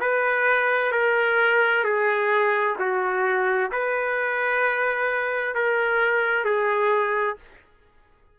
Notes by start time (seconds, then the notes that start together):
0.00 B4
0.91 A#4
1.84 G#4
2.79 F#4
3.72 B4
5.55 A#4
6.44 G#4